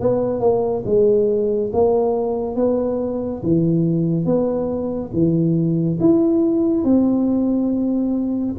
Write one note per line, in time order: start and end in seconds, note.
0.00 0.40 B3
0.40 0.83 A#3
0.85 1.71 G#3
1.73 2.56 A#3
2.56 3.41 B3
3.42 4.25 E3
4.25 5.10 B3
5.13 5.98 E3
6.00 6.84 E4
6.84 8.55 C4